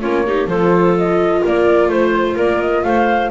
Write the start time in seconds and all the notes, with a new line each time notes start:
0.00 A#3 C#4 F4 C#5
0.26 D#4 G4
0.47 F3 F4 A4 C5
0.97 D#5
1.42 A#3 A#4 D5
1.88 A3 C5
2.35 A#3 A#4 D5
2.61 D#5
2.83 A3 C5 F5